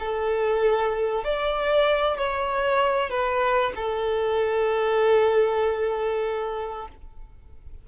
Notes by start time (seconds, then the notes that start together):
0.00 A4
1.24 D5
2.18 C#5
3.10 B4
3.76 A4